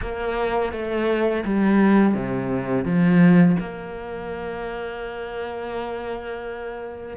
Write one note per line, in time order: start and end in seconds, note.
0.01 0.72 A#3
0.72 1.44 A3
1.44 2.14 G3
2.14 2.84 C3
2.84 3.56 F3
3.59 7.16 A#3